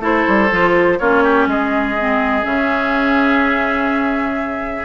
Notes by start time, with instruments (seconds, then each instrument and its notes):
0.00 bassoon A3, clarinet E4, oboe A4, flute C5
0.28 bassoon G3
0.51 bassoon F3, clarinet F4
0.99 bassoon A#3, clarinet C#4, oboe F4, flute C#5
1.23 oboe G4
1.47 bassoon G#3, oboe G#4, flute D#5
1.98 clarinet C4
2.43 bassoon C#3, clarinet C#4, flute E5